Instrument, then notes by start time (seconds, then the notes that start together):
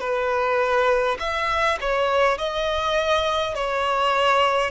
violin
0.00 B4
1.20 E5
1.81 C#5
2.38 D#5
3.55 C#5